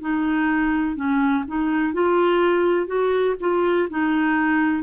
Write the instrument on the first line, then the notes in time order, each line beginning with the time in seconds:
clarinet
0.00 D#4
0.95 C#4
1.47 D#4
1.93 F4
2.86 F#4
3.40 F4
3.89 D#4